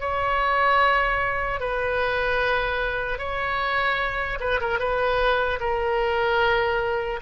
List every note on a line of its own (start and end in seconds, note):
0.00 1.60 C#5
1.60 3.19 B4
3.19 4.39 C#5
4.40 4.60 B4
4.60 4.79 A#4
4.79 5.59 B4
5.60 7.20 A#4